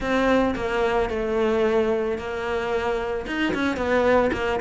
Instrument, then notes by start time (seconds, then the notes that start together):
cello
0.00 C4
0.55 A#3
1.09 A3
2.17 A#3
3.26 D#4
3.54 C#4
3.76 B3
4.32 A#3